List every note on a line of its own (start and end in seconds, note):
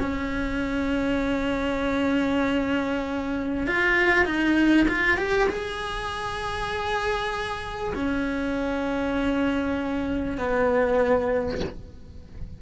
0.00 3.67 C#4
3.67 4.25 F4
4.25 4.86 D#4
4.88 5.17 F4
5.17 5.48 G4
5.49 7.94 G#4
7.95 10.38 C#4
10.38 11.60 B3